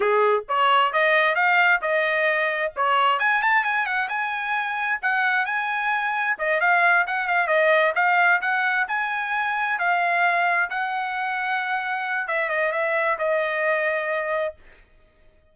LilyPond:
\new Staff \with { instrumentName = "trumpet" } { \time 4/4 \tempo 4 = 132 gis'4 cis''4 dis''4 f''4 | dis''2 cis''4 gis''8 a''8 | gis''8 fis''8 gis''2 fis''4 | gis''2 dis''8 f''4 fis''8 |
f''8 dis''4 f''4 fis''4 gis''8~ | gis''4. f''2 fis''8~ | fis''2. e''8 dis''8 | e''4 dis''2. | }